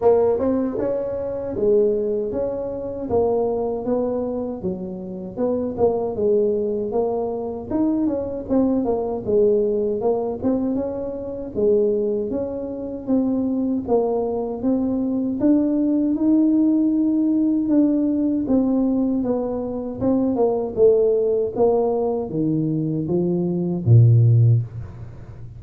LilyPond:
\new Staff \with { instrumentName = "tuba" } { \time 4/4 \tempo 4 = 78 ais8 c'8 cis'4 gis4 cis'4 | ais4 b4 fis4 b8 ais8 | gis4 ais4 dis'8 cis'8 c'8 ais8 | gis4 ais8 c'8 cis'4 gis4 |
cis'4 c'4 ais4 c'4 | d'4 dis'2 d'4 | c'4 b4 c'8 ais8 a4 | ais4 dis4 f4 ais,4 | }